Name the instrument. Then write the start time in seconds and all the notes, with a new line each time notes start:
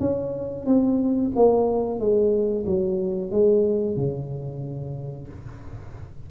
tuba
0.00 C#4
0.66 C4
1.35 A#3
2.00 G#3
2.66 F#3
3.31 G#3
3.96 C#3